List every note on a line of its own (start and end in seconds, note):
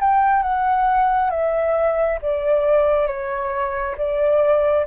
0.00 0.43 G5
0.43 1.30 F#5
1.30 2.19 E5
2.22 3.07 D5
3.07 3.95 C#5
3.97 4.86 D5